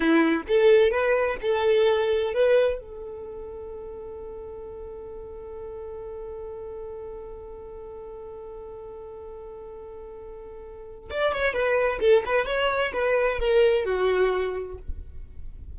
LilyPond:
\new Staff \with { instrumentName = "violin" } { \time 4/4 \tempo 4 = 130 e'4 a'4 b'4 a'4~ | a'4 b'4 a'2~ | a'1~ | a'1~ |
a'1~ | a'1 | d''8 cis''8 b'4 a'8 b'8 cis''4 | b'4 ais'4 fis'2 | }